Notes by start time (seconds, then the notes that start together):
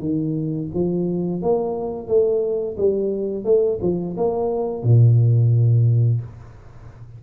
0.00 D#3
0.74 F3
1.42 A#3
2.08 A3
2.78 G3
3.45 A3
3.82 F3
4.17 A#3
4.84 A#2